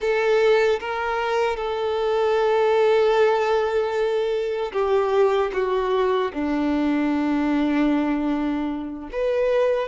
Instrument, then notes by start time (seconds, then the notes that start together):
violin
0.00 A4
0.79 A#4
1.56 A4
4.72 G4
5.53 F#4
6.33 D4
9.12 B4